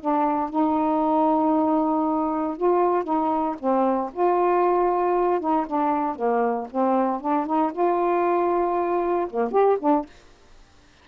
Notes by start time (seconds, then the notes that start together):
0.00 D4
0.50 D#4
2.57 F4
3.04 D#4
3.59 C4
4.13 F4
5.40 D#4
5.66 D4
6.15 A#3
6.70 C4
7.20 D4
7.46 D#4
7.72 F4
9.30 A#3
9.51 G4
9.79 D4